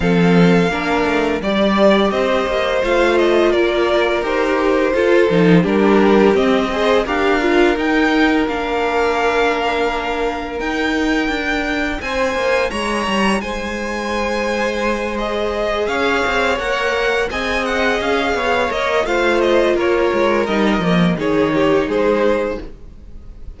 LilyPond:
<<
  \new Staff \with { instrumentName = "violin" } { \time 4/4 \tempo 4 = 85 f''2 d''4 dis''4 | f''8 dis''8 d''4 c''2 | ais'4 dis''4 f''4 g''4 | f''2. g''4~ |
g''4 gis''4 ais''4 gis''4~ | gis''4. dis''4 f''4 fis''8~ | fis''8 gis''8 fis''8 f''4 dis''8 f''8 dis''8 | cis''4 dis''4 cis''4 c''4 | }
  \new Staff \with { instrumentName = "violin" } { \time 4/4 a'4 ais'4 d''4 c''4~ | c''4 ais'2 a'4 | g'4. c''8 ais'2~ | ais'1~ |
ais'4 c''4 cis''4 c''4~ | c''2~ c''8 cis''4.~ | cis''8 dis''4. cis''4 c''4 | ais'2 gis'8 g'8 gis'4 | }
  \new Staff \with { instrumentName = "viola" } { \time 4/4 c'4 d'4 g'2 | f'2 g'4 f'8 dis'8 | d'4 c'8 gis'8 g'8 f'8 dis'4 | d'2. dis'4~ |
dis'1~ | dis'4. gis'2 ais'8~ | ais'8 gis'2 ais'8 f'4~ | f'4 dis'8 ais8 dis'2 | }
  \new Staff \with { instrumentName = "cello" } { \time 4/4 f4 ais8 a8 g4 c'8 ais8 | a4 ais4 dis'4 f'8 f8 | g4 c'4 d'4 dis'4 | ais2. dis'4 |
d'4 c'8 ais8 gis8 g8 gis4~ | gis2~ gis8 cis'8 c'8 ais8~ | ais8 c'4 cis'8 b8 ais8 a4 | ais8 gis8 g8 f8 dis4 gis4 | }
>>